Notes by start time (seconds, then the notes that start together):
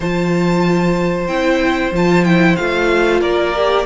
0.00 F3 F4 C5 A5
1.27 C4 E4 G5
1.91 F3 F4 A5
2.24 E4 G5
2.56 A3 F4 F5
3.20 A#3 A#4 D5
3.55 G4